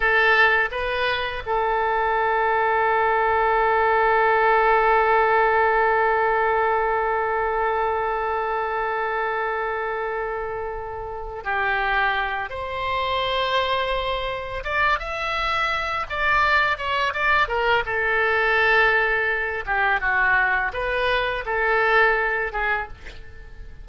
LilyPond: \new Staff \with { instrumentName = "oboe" } { \time 4/4 \tempo 4 = 84 a'4 b'4 a'2~ | a'1~ | a'1~ | a'1 |
g'4. c''2~ c''8~ | c''8 d''8 e''4. d''4 cis''8 | d''8 ais'8 a'2~ a'8 g'8 | fis'4 b'4 a'4. gis'8 | }